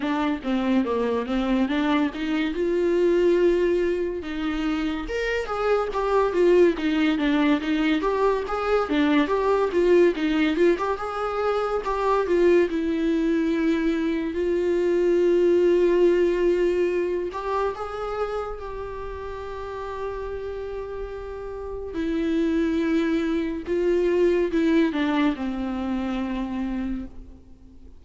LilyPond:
\new Staff \with { instrumentName = "viola" } { \time 4/4 \tempo 4 = 71 d'8 c'8 ais8 c'8 d'8 dis'8 f'4~ | f'4 dis'4 ais'8 gis'8 g'8 f'8 | dis'8 d'8 dis'8 g'8 gis'8 d'8 g'8 f'8 | dis'8 f'16 g'16 gis'4 g'8 f'8 e'4~ |
e'4 f'2.~ | f'8 g'8 gis'4 g'2~ | g'2 e'2 | f'4 e'8 d'8 c'2 | }